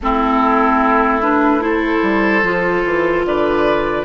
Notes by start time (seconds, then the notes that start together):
0.01 A3 C4 E4 A4
1.21 D4 B4
1.60 E4 A4 C5
2.02 G3
2.42 F3 F4
2.84 E3
3.25 D3 B4 D5